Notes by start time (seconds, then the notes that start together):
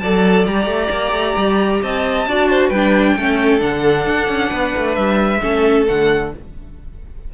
0.00 F#3 A4 D5 A5
0.47 G3 G4 A#5
0.66 A3
0.90 A#3
1.12 A3
1.37 G3
1.82 C4 D#5 A5
2.27 D4 F#4 D5
2.50 C5
2.68 G3 D4 B4 G5
3.16 A3 C#4 A4
3.59 D3 D4 F#5
4.07 D4
4.28 C#4
4.50 B3 B4
4.78 A3
4.95 G3 E5
5.42 A3 C#4 A4
5.87 D3 A3 F#5